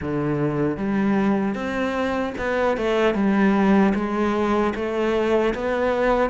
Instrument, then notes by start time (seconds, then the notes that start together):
cello
0.01 D3
0.77 G3
1.54 C4
2.38 B3
2.77 A3
3.14 G3
3.94 G#3
4.75 A3
5.54 B3